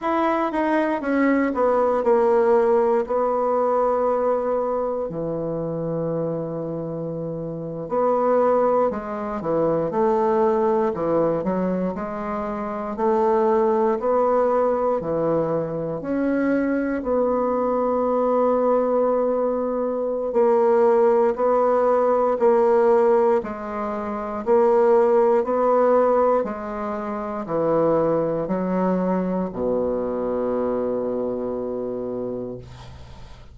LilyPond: \new Staff \with { instrumentName = "bassoon" } { \time 4/4 \tempo 4 = 59 e'8 dis'8 cis'8 b8 ais4 b4~ | b4 e2~ e8. b16~ | b8. gis8 e8 a4 e8 fis8 gis16~ | gis8. a4 b4 e4 cis'16~ |
cis'8. b2.~ b16 | ais4 b4 ais4 gis4 | ais4 b4 gis4 e4 | fis4 b,2. | }